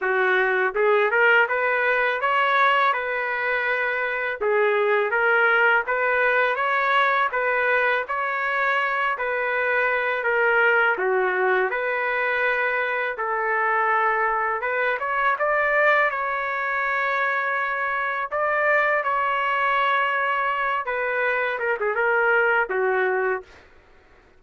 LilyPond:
\new Staff \with { instrumentName = "trumpet" } { \time 4/4 \tempo 4 = 82 fis'4 gis'8 ais'8 b'4 cis''4 | b'2 gis'4 ais'4 | b'4 cis''4 b'4 cis''4~ | cis''8 b'4. ais'4 fis'4 |
b'2 a'2 | b'8 cis''8 d''4 cis''2~ | cis''4 d''4 cis''2~ | cis''8 b'4 ais'16 gis'16 ais'4 fis'4 | }